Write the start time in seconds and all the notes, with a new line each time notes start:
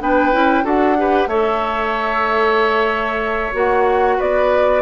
0.00 B3 D4 B4 G5
0.32 C#4 E4
0.63 D4 F#4 A4 F#5
0.97 G4 B4
1.27 A3 A4 C#5 E5
3.53 A#3 F#4 F#5
4.17 B3 B4 D5